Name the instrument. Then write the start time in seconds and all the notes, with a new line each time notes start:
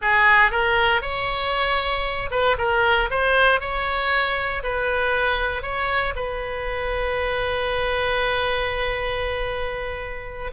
oboe
0.01 G#4
0.51 A#4
1.01 C#5
2.31 B4
2.58 A#4
3.10 C5
3.60 C#5
4.63 B4
5.62 C#5
6.15 B4